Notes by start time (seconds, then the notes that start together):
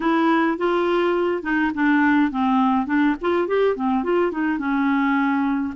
0.00 E4
0.57 F4
1.42 D#4
1.74 D4
2.31 C4
2.86 D4
3.21 F4
3.47 G4
3.76 C4
4.03 F4
4.31 D#4
4.58 C#4